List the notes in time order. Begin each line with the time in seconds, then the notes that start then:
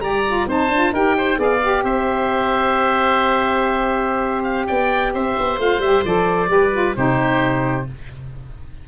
0.00 G3 G4 D5 A#5
0.26 F4
0.46 C4 D#4 C5 A5
0.68 D4 F4
0.92 D#4 G4 A#4 G5
1.17 C5
1.36 B3 G#4 D5
1.42 F5
1.61 G4
1.83 C4 C5 E5
4.43 F5
4.67 B3 D5 G5
5.13 C4 C5 E5
5.37 B3
5.58 A3 F4 F5
5.78 G3 G4 E5
6.04 F3 A4 D5
6.47 G3 G4 B4
6.72 F4
6.95 C3 D#4 G4 C5